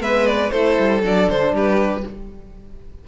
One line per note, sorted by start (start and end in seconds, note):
0.00 0.52 G#3
0.00 0.51 B3
0.00 0.52 B4
0.00 0.27 E5
0.27 0.51 D5
0.51 0.78 A3
0.51 1.02 E4
0.51 1.54 A4
0.51 1.02 C5
0.79 1.04 G3
1.03 1.29 F#3
1.03 2.04 D4
1.03 1.30 D5
1.30 1.53 D3
1.30 1.56 C5
1.53 2.04 G3
1.53 2.05 G4
1.53 2.08 B4